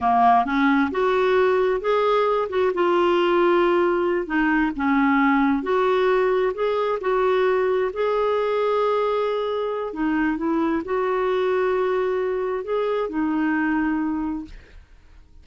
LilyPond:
\new Staff \with { instrumentName = "clarinet" } { \time 4/4 \tempo 4 = 133 ais4 cis'4 fis'2 | gis'4. fis'8 f'2~ | f'4. dis'4 cis'4.~ | cis'8 fis'2 gis'4 fis'8~ |
fis'4. gis'2~ gis'8~ | gis'2 dis'4 e'4 | fis'1 | gis'4 dis'2. | }